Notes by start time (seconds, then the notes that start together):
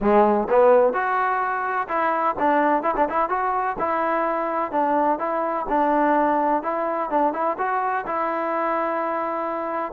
0.00 G#3
0.49 B3
0.93 F#4
1.88 E4
2.39 D4
2.82 E4
2.96 D4
3.09 E4
3.29 F#4
3.79 E4
4.71 D4
5.18 E4
5.68 D4
6.62 E4
7.10 D4
7.33 E4
7.58 F#4
8.06 E4